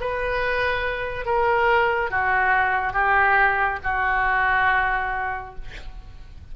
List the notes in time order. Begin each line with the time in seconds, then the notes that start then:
0.00 B4
1.25 A#4
2.10 F#4
2.93 G4
3.83 F#4